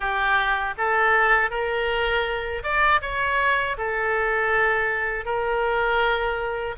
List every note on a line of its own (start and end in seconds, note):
0.00 0.74 G4
0.77 1.50 A4
1.50 2.62 A#4
2.63 3.00 D5
3.01 3.76 C#5
3.77 5.25 A4
5.25 6.75 A#4